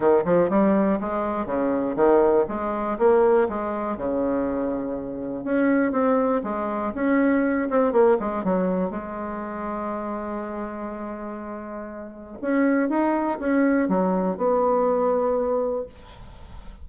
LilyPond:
\new Staff \with { instrumentName = "bassoon" } { \time 4/4 \tempo 4 = 121 dis8 f8 g4 gis4 cis4 | dis4 gis4 ais4 gis4 | cis2. cis'4 | c'4 gis4 cis'4. c'8 |
ais8 gis8 fis4 gis2~ | gis1~ | gis4 cis'4 dis'4 cis'4 | fis4 b2. | }